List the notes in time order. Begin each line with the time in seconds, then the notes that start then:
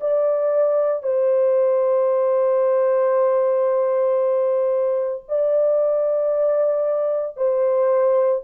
0.00 D5
1.02 C5
5.28 D5
7.37 C5